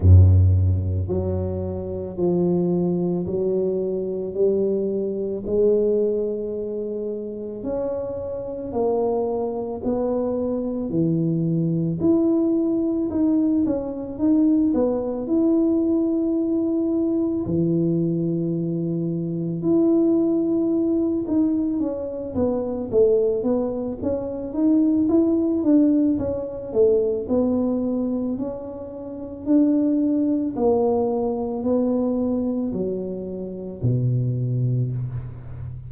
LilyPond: \new Staff \with { instrumentName = "tuba" } { \time 4/4 \tempo 4 = 55 fis,4 fis4 f4 fis4 | g4 gis2 cis'4 | ais4 b4 e4 e'4 | dis'8 cis'8 dis'8 b8 e'2 |
e2 e'4. dis'8 | cis'8 b8 a8 b8 cis'8 dis'8 e'8 d'8 | cis'8 a8 b4 cis'4 d'4 | ais4 b4 fis4 b,4 | }